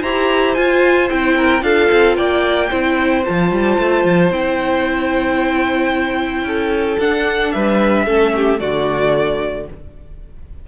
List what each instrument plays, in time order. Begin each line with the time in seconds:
0.00 cello E4, viola G4, violin C5 A#5
0.54 viola F4, cello F4, violin G#5
1.09 cello C4, viola E4, violin G5
1.36 violin A#4
1.61 cello D4, viola F4, violin A4 F5
1.91 cello C4
2.17 cello A#3, violin D5 G5
2.70 cello C4, viola E4, violin C5
3.25 cello F3, viola F4, violin A5
3.51 cello G3
3.78 cello A3
4.04 cello F3
4.30 cello C4, viola E4, violin G5
6.43 cello C#4, violin A4
6.99 cello D4, viola D4, violin F#5
7.51 cello G3, violin B4 E5
8.05 cello A3, viola C#4, violin A4
8.35 violin G4
8.58 cello D3, viola A3, violin F#4 D5